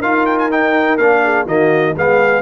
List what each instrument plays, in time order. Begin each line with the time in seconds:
0.00 tuba D#4, trombone F4, horn A#4, trumpet F5
0.26 trumpet G5
0.39 trumpet G#5
0.51 trombone D#4, trumpet G5
0.98 tuba A#3, trombone D4, trumpet F5
1.24 horn G#4
1.46 tuba D#3, trombone A#3, horn F#4, trumpet D#5
1.96 tuba G#3, trombone B3, horn G#4, trumpet F5